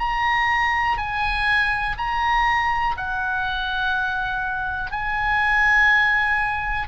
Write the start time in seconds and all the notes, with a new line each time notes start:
0.00 A#5
0.98 G#5
1.98 A#5
2.97 F#5
4.91 G#5